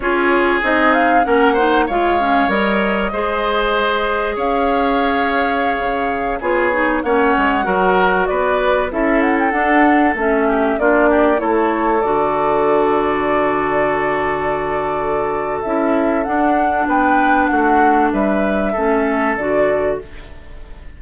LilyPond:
<<
  \new Staff \with { instrumentName = "flute" } { \time 4/4 \tempo 4 = 96 cis''4 dis''8 f''8 fis''4 f''4 | dis''2. f''4~ | f''2~ f''16 cis''4 fis''8.~ | fis''4~ fis''16 d''4 e''8 fis''16 g''16 fis''8.~ |
fis''16 e''4 d''4 cis''4 d''8.~ | d''1~ | d''4 e''4 fis''4 g''4 | fis''4 e''2 d''4 | }
  \new Staff \with { instrumentName = "oboe" } { \time 4/4 gis'2 ais'8 c''8 cis''4~ | cis''4 c''2 cis''4~ | cis''2~ cis''16 gis'4 cis''8.~ | cis''16 ais'4 b'4 a'4.~ a'16~ |
a'8. g'8 f'8 g'8 a'4.~ a'16~ | a'1~ | a'2. b'4 | fis'4 b'4 a'2 | }
  \new Staff \with { instrumentName = "clarinet" } { \time 4/4 f'4 dis'4 cis'8 dis'8 f'8 cis'8 | ais'4 gis'2.~ | gis'2~ gis'16 f'8 dis'8 cis'8.~ | cis'16 fis'2 e'4 d'8.~ |
d'16 cis'4 d'4 e'4 fis'8.~ | fis'1~ | fis'4 e'4 d'2~ | d'2 cis'4 fis'4 | }
  \new Staff \with { instrumentName = "bassoon" } { \time 4/4 cis'4 c'4 ais4 gis4 | g4 gis2 cis'4~ | cis'4~ cis'16 cis4 b4 ais8 gis16~ | gis16 fis4 b4 cis'4 d'8.~ |
d'16 a4 ais4 a4 d8.~ | d1~ | d4 cis'4 d'4 b4 | a4 g4 a4 d4 | }
>>